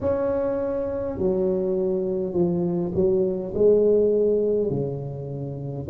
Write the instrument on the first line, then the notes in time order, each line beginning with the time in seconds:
tuba
0.00 C#4
1.18 F#3
2.33 F3
2.94 F#3
3.54 G#3
4.70 C#3